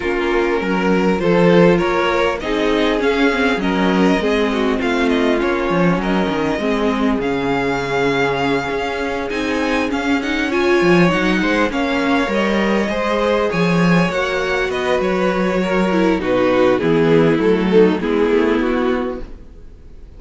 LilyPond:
<<
  \new Staff \with { instrumentName = "violin" } { \time 4/4 \tempo 4 = 100 ais'2 c''4 cis''4 | dis''4 f''4 dis''2 | f''8 dis''8 cis''4 dis''2 | f''2.~ f''8 gis''8~ |
gis''8 f''8 fis''8 gis''4 fis''4 f''8~ | f''8 dis''2 gis''4 fis''8~ | fis''8 dis''8 cis''2 b'4 | gis'4 a'4 gis'4 fis'4 | }
  \new Staff \with { instrumentName = "violin" } { \time 4/4 f'4 ais'4 a'4 ais'4 | gis'2 ais'4 gis'8 fis'8 | f'2 ais'4 gis'4~ | gis'1~ |
gis'4. cis''4. c''8 cis''8~ | cis''4. c''4 cis''4.~ | cis''8 b'4. ais'4 fis'4 | e'4. dis'8 e'2 | }
  \new Staff \with { instrumentName = "viola" } { \time 4/4 cis'2 f'2 | dis'4 cis'8 c'8 cis'4 c'4~ | c'4 cis'2 c'4 | cis'2.~ cis'8 dis'8~ |
dis'8 cis'8 dis'8 f'4 dis'4 cis'8~ | cis'8 ais'4 gis'2 fis'8~ | fis'2~ fis'8 e'8 dis'4 | b4 a4 b2 | }
  \new Staff \with { instrumentName = "cello" } { \time 4/4 ais4 fis4 f4 ais4 | c'4 cis'4 fis4 gis4 | a4 ais8 f8 fis8 dis8 gis4 | cis2~ cis8 cis'4 c'8~ |
c'8 cis'4. f8 fis8 gis8 ais8~ | ais8 g4 gis4 f4 ais8~ | ais8 b8 fis2 b,4 | e4 fis4 gis8 a8 b4 | }
>>